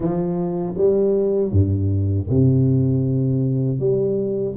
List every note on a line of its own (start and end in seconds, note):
0.00 0.74 F3
0.77 1.51 G3
1.51 2.27 G2
2.29 3.79 C3
3.79 4.55 G3